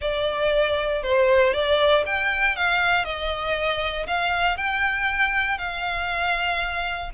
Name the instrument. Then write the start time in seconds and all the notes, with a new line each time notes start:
violin
0.01 D5
1.02 C5
1.53 D5
2.06 G5
2.56 F5
3.04 D#5
4.06 F5
4.57 G5
5.57 F5